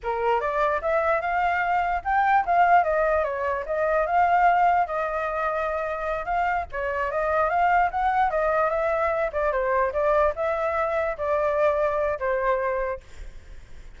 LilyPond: \new Staff \with { instrumentName = "flute" } { \time 4/4 \tempo 4 = 148 ais'4 d''4 e''4 f''4~ | f''4 g''4 f''4 dis''4 | cis''4 dis''4 f''2 | dis''2.~ dis''8 f''8~ |
f''8 cis''4 dis''4 f''4 fis''8~ | fis''8 dis''4 e''4. d''8 c''8~ | c''8 d''4 e''2 d''8~ | d''2 c''2 | }